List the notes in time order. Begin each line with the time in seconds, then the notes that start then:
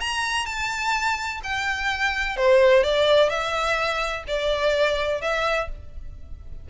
0.00 A#5
0.46 A5
1.43 G5
2.36 C5
2.83 D5
3.29 E5
4.27 D5
5.21 E5